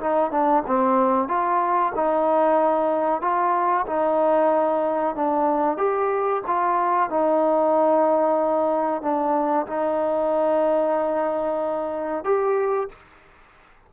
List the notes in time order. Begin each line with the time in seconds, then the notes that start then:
0.00 D#4
0.31 D4
0.67 C4
1.28 F4
1.95 D#4
3.21 F4
3.87 D#4
5.15 D4
5.77 G4
6.47 F4
7.09 D#4
9.02 D4
9.67 D#4
12.24 G4